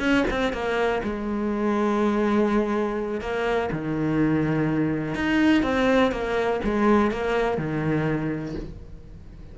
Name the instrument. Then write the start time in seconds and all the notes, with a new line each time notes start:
cello
0.00 C#4
0.31 C4
0.53 A#3
1.04 G#3
3.21 A#3
3.72 D#3
5.15 D#4
5.63 C4
6.12 A#3
6.64 G#3
7.11 A#3
7.58 D#3